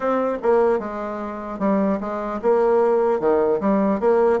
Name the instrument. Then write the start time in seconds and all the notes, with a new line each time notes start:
bassoon
0.00 C4
0.42 A#3
0.79 G#3
1.59 G3
2.00 G#3
2.41 A#3
3.20 D#3
3.60 G3
4.00 A#3